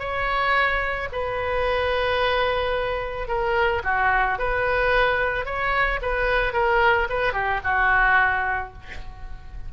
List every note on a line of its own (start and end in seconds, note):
0.00 1.09 C#5
1.13 3.28 B4
3.28 3.83 A#4
3.84 4.39 F#4
4.39 5.46 B4
5.46 6.00 C#5
6.02 6.54 B4
6.54 7.08 A#4
7.10 7.33 B4
7.33 7.61 G4
7.64 8.73 F#4